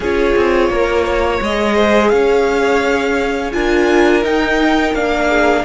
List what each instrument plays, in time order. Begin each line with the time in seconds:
0.00 cello C#4, viola F4, violin G#4 C#5
0.35 cello C4
0.69 cello A#3, violin A#4
1.04 violin C#5
1.41 cello G#3, viola G#4, violin D#5
1.74 violin C5
2.09 cello C#4, violin C#5 F5
3.52 cello D4, viola F4, violin A#4 G#5
4.22 viola D#4, cello D#4, violin G5
4.93 cello A#3, viola D4, violin F5
5.27 violin G#4